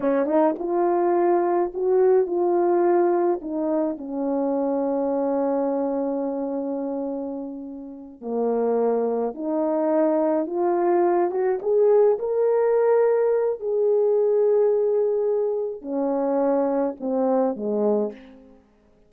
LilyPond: \new Staff \with { instrumentName = "horn" } { \time 4/4 \tempo 4 = 106 cis'8 dis'8 f'2 fis'4 | f'2 dis'4 cis'4~ | cis'1~ | cis'2~ cis'8 ais4.~ |
ais8 dis'2 f'4. | fis'8 gis'4 ais'2~ ais'8 | gis'1 | cis'2 c'4 gis4 | }